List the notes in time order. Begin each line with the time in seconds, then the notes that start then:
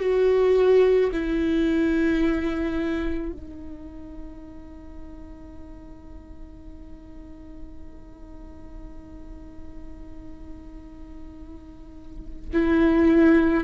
0.00 F#4
1.13 E4
3.33 D#4
12.53 E4